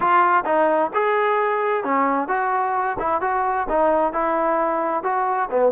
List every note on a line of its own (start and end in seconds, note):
0.00 0.44 F4
0.45 0.91 D#4
0.93 1.84 G#4
1.84 2.28 C#4
2.28 2.96 F#4
2.99 3.21 E4
3.21 3.67 F#4
3.69 4.12 D#4
4.12 5.03 E4
5.03 5.49 F#4
5.50 5.72 B3